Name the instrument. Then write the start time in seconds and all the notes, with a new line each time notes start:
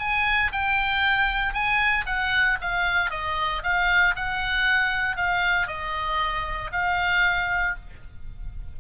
oboe
0.00 G#5
0.52 G5
1.54 G#5
2.06 F#5
2.61 F5
3.11 D#5
3.63 F5
4.16 F#5
5.17 F5
5.68 D#5
6.72 F5